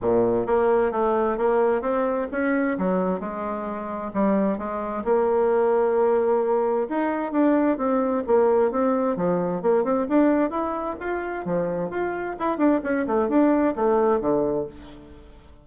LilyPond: \new Staff \with { instrumentName = "bassoon" } { \time 4/4 \tempo 4 = 131 ais,4 ais4 a4 ais4 | c'4 cis'4 fis4 gis4~ | gis4 g4 gis4 ais4~ | ais2. dis'4 |
d'4 c'4 ais4 c'4 | f4 ais8 c'8 d'4 e'4 | f'4 f4 f'4 e'8 d'8 | cis'8 a8 d'4 a4 d4 | }